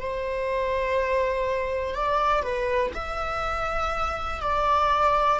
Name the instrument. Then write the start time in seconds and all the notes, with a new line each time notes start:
viola
0.00 C5
1.95 D5
2.43 B4
2.94 E5
4.41 D5